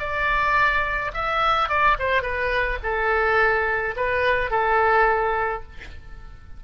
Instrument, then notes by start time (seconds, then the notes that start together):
oboe
0.00 D5
1.14 E5
1.69 D5
1.99 C5
2.23 B4
2.83 A4
3.97 B4
4.51 A4